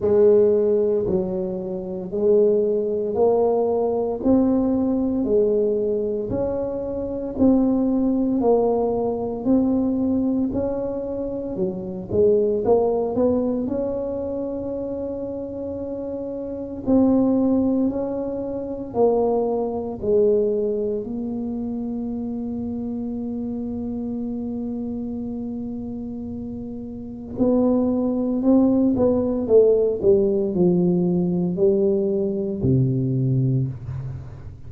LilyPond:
\new Staff \with { instrumentName = "tuba" } { \time 4/4 \tempo 4 = 57 gis4 fis4 gis4 ais4 | c'4 gis4 cis'4 c'4 | ais4 c'4 cis'4 fis8 gis8 | ais8 b8 cis'2. |
c'4 cis'4 ais4 gis4 | ais1~ | ais2 b4 c'8 b8 | a8 g8 f4 g4 c4 | }